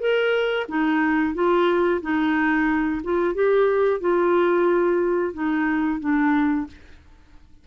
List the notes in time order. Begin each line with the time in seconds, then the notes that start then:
0.00 A#4
0.68 D#4
1.35 F4
2.02 D#4
3.04 F4
3.35 G4
4.01 F4
5.34 D#4
6.00 D4